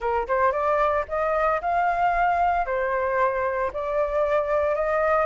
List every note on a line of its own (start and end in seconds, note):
0.00 0.27 A#4
0.27 0.52 C5
0.52 1.04 D5
1.08 1.61 D#5
1.61 2.66 F5
2.66 3.71 C5
3.73 4.75 D5
4.75 5.25 D#5